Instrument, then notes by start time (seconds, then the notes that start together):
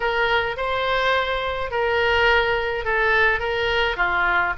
oboe
0.00 A#4
0.56 C5
1.70 A#4
2.84 A4
3.39 A#4
3.96 F4